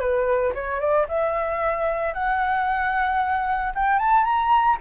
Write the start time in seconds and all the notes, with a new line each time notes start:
0.00 B4
0.55 C#5
0.80 D5
1.09 E5
2.14 F#5
3.75 G5
3.99 A5
4.24 A#5